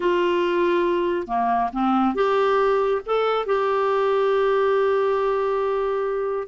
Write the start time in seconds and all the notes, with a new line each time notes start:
0.00 F4
1.27 A#3
1.72 C4
2.14 G4
3.06 A4
3.46 G4